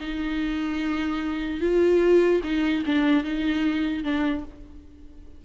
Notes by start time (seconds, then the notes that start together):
0.00 D#4
1.61 F4
2.43 D#4
2.86 D4
3.24 D#4
4.04 D4